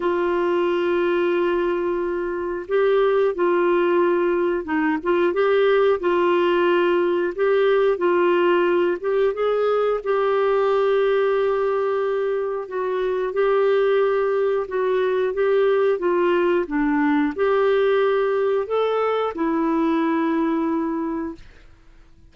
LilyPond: \new Staff \with { instrumentName = "clarinet" } { \time 4/4 \tempo 4 = 90 f'1 | g'4 f'2 dis'8 f'8 | g'4 f'2 g'4 | f'4. g'8 gis'4 g'4~ |
g'2. fis'4 | g'2 fis'4 g'4 | f'4 d'4 g'2 | a'4 e'2. | }